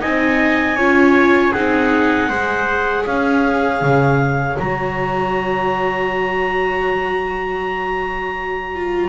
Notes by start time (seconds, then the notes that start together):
0.00 C4 D#4 D#5 G#5
0.76 C#4 F4 C#5
1.52 C4 D#4 G#4 F#5
2.29 G#3 G#4 C5
3.02 C#4 C#5 F5
3.81 C#3
4.58 F#3 F#4 A#5
8.75 F4